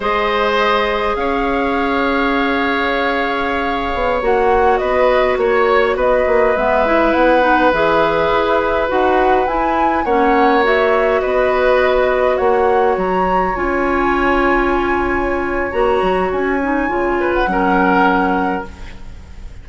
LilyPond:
<<
  \new Staff \with { instrumentName = "flute" } { \time 4/4 \tempo 4 = 103 dis''2 f''2~ | f''2.~ f''16 fis''8.~ | fis''16 dis''4 cis''4 dis''4 e''8.~ | e''16 fis''4 e''2 fis''8.~ |
fis''16 gis''4 fis''4 e''4 dis''8.~ | dis''4~ dis''16 fis''4 ais''4 gis''8.~ | gis''2. ais''4 | gis''4.~ gis''16 fis''2~ fis''16 | }
  \new Staff \with { instrumentName = "oboe" } { \time 4/4 c''2 cis''2~ | cis''1~ | cis''16 b'4 cis''4 b'4.~ b'16~ | b'1~ |
b'4~ b'16 cis''2 b'8.~ | b'4~ b'16 cis''2~ cis''8.~ | cis''1~ | cis''4. b'8 ais'2 | }
  \new Staff \with { instrumentName = "clarinet" } { \time 4/4 gis'1~ | gis'2.~ gis'16 fis'8.~ | fis'2.~ fis'16 b8 e'16~ | e'8. dis'8 gis'2 fis'8.~ |
fis'16 e'4 cis'4 fis'4.~ fis'16~ | fis'2.~ fis'16 f'8.~ | f'2. fis'4~ | fis'8 dis'8 f'4 cis'2 | }
  \new Staff \with { instrumentName = "bassoon" } { \time 4/4 gis2 cis'2~ | cis'2~ cis'8. b8 ais8.~ | ais16 b4 ais4 b8 ais8 gis8.~ | gis16 b4 e4 e'4 dis'8.~ |
dis'16 e'4 ais2 b8.~ | b4~ b16 ais4 fis4 cis'8.~ | cis'2. ais8 fis8 | cis'4 cis4 fis2 | }
>>